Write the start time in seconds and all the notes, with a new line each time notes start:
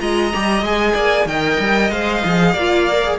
0.00 G#3 F4 D#5 A#5
0.34 G3 G4
0.62 G#3 G#4 G#5
0.94 A#3 D5
1.26 D#3 A#4 D#5 G5
1.60 G3
1.91 G#3 C5 F5
2.25 F3 G#4
2.54 A#3 F4 D5
2.92 A#4
3.05 G#4